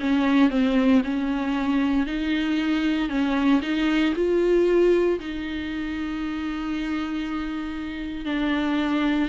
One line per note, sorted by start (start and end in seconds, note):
0.00 0.50 C#4
0.50 1.02 C4
1.03 2.06 C#4
2.06 3.09 D#4
3.09 3.61 C#4
3.62 4.13 D#4
4.15 5.19 F4
5.20 8.25 D#4
8.25 9.28 D4